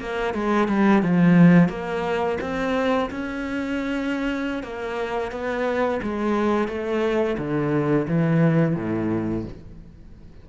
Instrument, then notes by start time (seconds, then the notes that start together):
cello
0.00 A#3
0.34 G#3
0.68 G3
1.03 F3
1.69 A#3
2.41 C4
3.10 C#4
4.63 A#3
5.32 B3
6.03 G#3
6.68 A3
7.38 D3
8.08 E3
8.76 A2